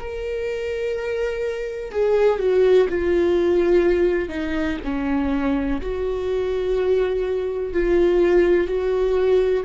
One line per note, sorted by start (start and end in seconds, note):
0.00 1.92 A#4
1.92 2.40 G#4
2.40 2.88 F#4
2.90 4.29 F4
4.29 4.78 D#4
4.85 5.82 C#4
5.82 7.74 F#4
7.74 8.68 F4
8.68 9.65 F#4